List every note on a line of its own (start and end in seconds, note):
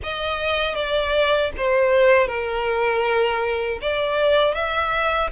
0.03 0.75 D#5
0.75 1.51 D5
1.57 2.27 C5
2.27 3.79 A#4
3.81 4.54 D5
4.54 5.30 E5